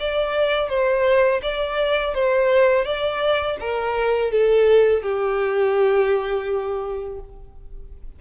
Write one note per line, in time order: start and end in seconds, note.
0.00 0.69 D5
0.69 1.41 C5
1.42 2.15 D5
2.15 2.85 C5
2.85 3.58 D5
3.60 4.32 A#4
4.32 5.03 A4
5.03 7.20 G4